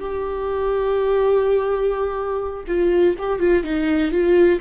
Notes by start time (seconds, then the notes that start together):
0.00 G4
2.68 F4
3.19 G4
3.40 F4
3.63 D#4
4.11 F4